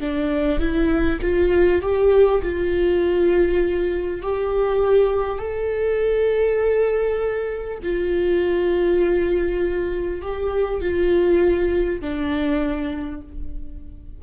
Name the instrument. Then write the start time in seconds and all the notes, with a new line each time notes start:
viola
0.00 D4
0.59 E4
1.22 F4
1.82 G4
2.42 F4
4.22 G4
5.39 A4
7.83 F4
10.22 G4
10.81 F4
12.01 D4